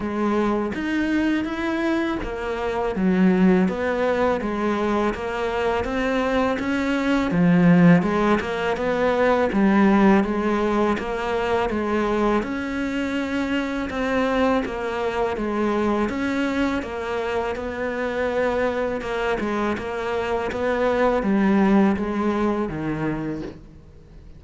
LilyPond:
\new Staff \with { instrumentName = "cello" } { \time 4/4 \tempo 4 = 82 gis4 dis'4 e'4 ais4 | fis4 b4 gis4 ais4 | c'4 cis'4 f4 gis8 ais8 | b4 g4 gis4 ais4 |
gis4 cis'2 c'4 | ais4 gis4 cis'4 ais4 | b2 ais8 gis8 ais4 | b4 g4 gis4 dis4 | }